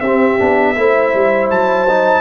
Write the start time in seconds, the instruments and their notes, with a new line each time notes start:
0.00 tuba C4, horn G4, trumpet E5
0.07 trombone C4
0.38 tuba B3, trombone D4
0.76 tuba A3, trombone E4, horn C5
1.14 tuba G3
1.51 tuba F#3, trumpet A5
1.89 trombone D#4